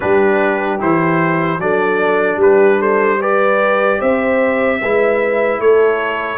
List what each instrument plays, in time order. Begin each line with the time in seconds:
0.00 tuba G3, trombone D4, horn G4, trumpet B4
0.79 tuba E3, trombone E4, trumpet C5
1.58 tuba F#3, trombone D4, horn A4, trumpet D5
2.36 tuba G3, horn G4, trumpet B4
2.79 horn A4, trumpet C5
3.19 trombone G4, horn B4, trumpet D5
3.99 tuba C4, horn C5, trumpet E5
4.81 tuba G#3, trombone E4, horn B4
5.59 tuba A3, horn A4, trumpet C#5